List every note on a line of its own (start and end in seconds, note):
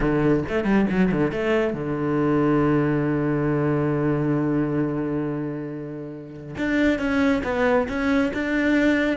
0.00 0.43 D3
0.48 0.64 A3
0.64 0.86 G3
0.89 1.11 F#3
1.11 1.31 D3
1.31 1.73 A3
1.73 6.55 D3
6.57 6.98 D4
6.98 7.42 C#4
7.43 7.87 B3
7.88 8.32 C#4
8.33 9.17 D4